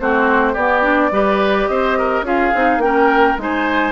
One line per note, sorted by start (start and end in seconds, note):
0.00 0.56 A3
0.00 0.57 C4
0.00 0.53 F#4
0.00 0.55 C5
0.53 1.11 B3
0.53 0.82 B3
0.53 1.10 G4
0.53 1.68 D5
0.82 1.11 D4
1.11 1.68 G3
1.11 2.25 G4
1.11 1.70 B4
1.68 2.22 C4
1.68 1.98 C5
1.68 2.24 D#5
1.98 2.26 A#4
2.22 2.50 C#4
2.22 2.53 F4
2.22 2.82 G#4
2.22 2.81 F5
2.55 2.78 C4
2.55 2.83 D#4
2.78 3.34 A#3
2.78 3.38 C#4
2.78 3.38 G5
2.85 3.42 A#4
3.38 3.92 G#3
3.38 3.92 D#4
3.38 3.92 C5
3.38 3.92 G#5